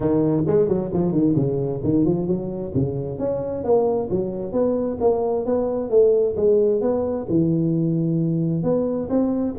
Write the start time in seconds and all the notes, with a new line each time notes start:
0.00 D#3
0.46 G#3
0.68 F#3
0.93 F3
1.11 D#3
1.36 C#3
1.83 D#3
2.05 F3
2.27 F#3
2.74 C#3
3.19 C#4
3.63 A#3
4.10 F#3
4.52 B3
5.00 A#3
5.45 B3
5.90 A3
6.36 G#3
6.81 B3
7.29 E3
8.63 B3
9.09 C4